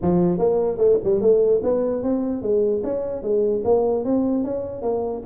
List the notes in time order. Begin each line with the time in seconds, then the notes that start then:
0.02 F3
0.38 A#3
0.77 A3
1.04 G3
1.21 A3
1.63 B3
2.02 C4
2.42 G#3
2.83 C#4
3.22 G#3
3.64 A#3
4.04 C4
4.43 C#4
4.82 A#3